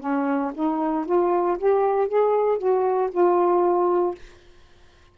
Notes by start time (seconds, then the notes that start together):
0.00 C#4
0.54 D#4
1.06 F4
1.58 G4
2.08 G#4
2.58 F#4
3.11 F4